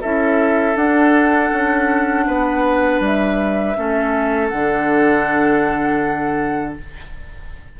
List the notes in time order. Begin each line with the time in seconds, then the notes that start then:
0.00 C#4 E4 A4 E5
0.75 D4 F#5
1.52 C#4
2.26 B3 B4
3.00 G3 E5
3.75 A3 C#4 A4
4.48 D3 F#5
4.54 D4